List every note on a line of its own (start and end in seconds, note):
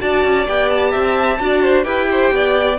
0.00 0.25 D4
0.00 0.47 F#4
0.00 0.92 D5
0.00 0.47 A5
0.25 0.48 C#4
0.47 0.95 B3
0.47 1.40 G4
0.47 0.70 G5
0.70 1.84 A5
0.92 1.40 C4
0.92 1.38 E5
1.40 1.85 D4
1.40 1.84 F#4
1.40 1.63 D5
1.63 1.85 C5
1.84 2.31 E4
1.84 2.77 G4
1.84 2.08 B4
1.84 2.77 G5
2.11 2.34 C5
2.31 2.78 B3
2.31 2.79 D5